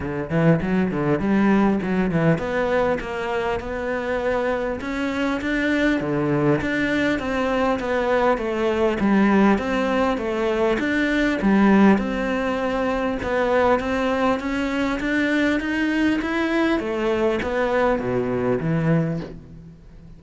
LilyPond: \new Staff \with { instrumentName = "cello" } { \time 4/4 \tempo 4 = 100 d8 e8 fis8 d8 g4 fis8 e8 | b4 ais4 b2 | cis'4 d'4 d4 d'4 | c'4 b4 a4 g4 |
c'4 a4 d'4 g4 | c'2 b4 c'4 | cis'4 d'4 dis'4 e'4 | a4 b4 b,4 e4 | }